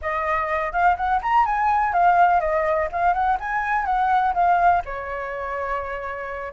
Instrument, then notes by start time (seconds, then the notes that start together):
flute
0.01 D#5
0.72 F5
0.96 F#5
1.22 A#5
1.45 G#5
1.93 F5
2.40 D#5
2.92 F5
3.13 F#5
3.40 G#5
3.85 F#5
4.34 F5
4.85 C#5